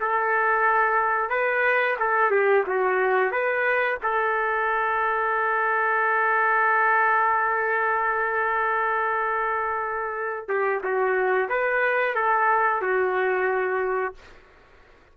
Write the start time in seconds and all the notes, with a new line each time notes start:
0.00 A4
1.29 B4
1.99 A4
2.31 G4
2.66 F#4
3.31 B4
4.02 A4
10.48 G4
10.83 F#4
11.49 B4
12.15 A4
12.81 F#4